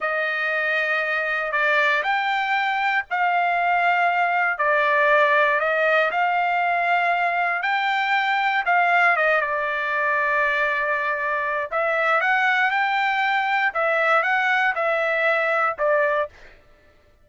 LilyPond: \new Staff \with { instrumentName = "trumpet" } { \time 4/4 \tempo 4 = 118 dis''2. d''4 | g''2 f''2~ | f''4 d''2 dis''4 | f''2. g''4~ |
g''4 f''4 dis''8 d''4.~ | d''2. e''4 | fis''4 g''2 e''4 | fis''4 e''2 d''4 | }